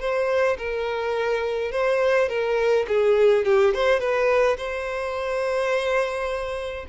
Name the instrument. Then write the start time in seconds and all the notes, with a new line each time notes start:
violin
0.00 C5
0.58 A#4
1.72 C5
2.29 A#4
2.88 G#4
3.45 G4
3.74 C5
4.00 B4
4.57 C5